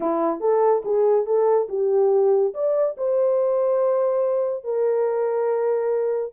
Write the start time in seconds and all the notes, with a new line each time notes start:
0.00 E4
0.40 A4
0.85 G#4
1.25 A4
1.69 G4
2.54 D5
2.97 C5
4.64 A#4